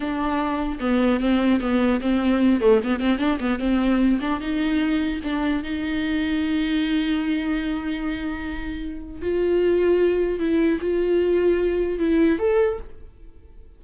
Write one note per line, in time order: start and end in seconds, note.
0.00 0.79 D4
0.79 1.19 B3
1.19 1.59 C4
1.60 2.00 B3
2.01 2.60 C4
2.60 2.80 A3
2.83 2.99 B3
2.99 3.18 C4
3.18 3.38 D4
3.39 3.59 B3
3.59 4.19 C4
4.20 4.40 D4
4.40 5.20 D#4
5.23 5.63 D4
5.63 9.21 D#4
9.21 10.39 F4
10.39 10.79 E4
10.80 11.98 F4
11.98 12.38 E4
12.38 12.78 A4